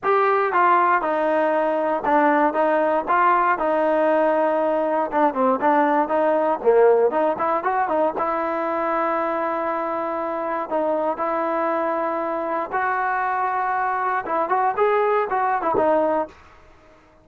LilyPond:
\new Staff \with { instrumentName = "trombone" } { \time 4/4 \tempo 4 = 118 g'4 f'4 dis'2 | d'4 dis'4 f'4 dis'4~ | dis'2 d'8 c'8 d'4 | dis'4 ais4 dis'8 e'8 fis'8 dis'8 |
e'1~ | e'4 dis'4 e'2~ | e'4 fis'2. | e'8 fis'8 gis'4 fis'8. e'16 dis'4 | }